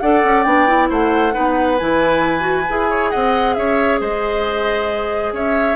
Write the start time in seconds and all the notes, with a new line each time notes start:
0.00 D4 A4 D5 F#5
0.24 C#4
0.44 B3 D4 G5
0.67 E4
0.89 A3 C5 F#5
1.32 B3 D#4 B4
1.78 E3 E4 G#5
2.40 F#4
2.69 E4 G#4
2.89 C#5
3.10 C4 D#5 F#5
3.54 C#4 C#5 E5
4.00 G#3 C5 D#5
5.32 C#4 C#5 E5